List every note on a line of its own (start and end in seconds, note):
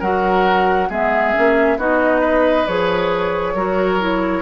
0.00 0.89 F#3
0.00 0.90 F#4
0.00 0.88 A#4
0.00 0.90 F#5
0.89 1.33 G#3
0.89 1.34 B3
0.89 1.78 G#4
0.89 1.79 E5
1.34 1.78 A#3
1.34 1.78 C#4
1.78 2.66 B3
1.78 2.67 D#4
1.78 2.21 F#4
1.78 2.67 D#5
2.21 3.53 B4
2.67 3.55 F3
2.67 3.56 G#4
2.67 4.42 C#5
3.55 4.42 F#3
3.55 3.99 F#4
3.55 4.42 A#4
3.99 4.42 E4